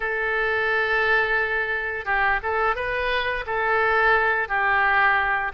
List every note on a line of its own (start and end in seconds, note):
0.00 2.05 A4
2.05 2.39 G4
2.43 2.75 A4
2.75 3.44 B4
3.46 4.48 A4
4.48 5.51 G4